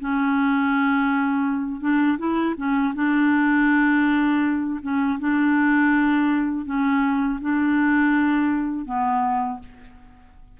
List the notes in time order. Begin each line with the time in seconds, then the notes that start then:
0.00 C#4
1.80 D4
2.18 E4
2.57 C#4
2.95 D4
4.82 C#4
5.19 D4
6.65 C#4
7.41 D4
8.85 B3